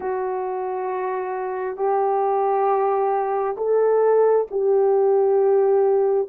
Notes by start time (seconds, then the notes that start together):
0.00 F#4
1.76 G4
3.57 A4
4.51 G4